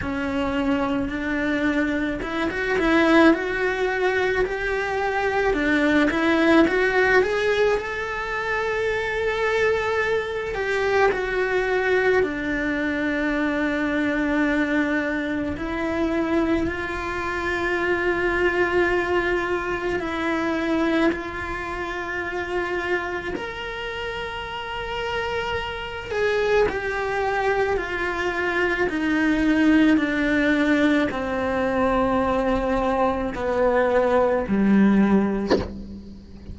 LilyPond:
\new Staff \with { instrumentName = "cello" } { \time 4/4 \tempo 4 = 54 cis'4 d'4 e'16 fis'16 e'8 fis'4 | g'4 d'8 e'8 fis'8 gis'8 a'4~ | a'4. g'8 fis'4 d'4~ | d'2 e'4 f'4~ |
f'2 e'4 f'4~ | f'4 ais'2~ ais'8 gis'8 | g'4 f'4 dis'4 d'4 | c'2 b4 g4 | }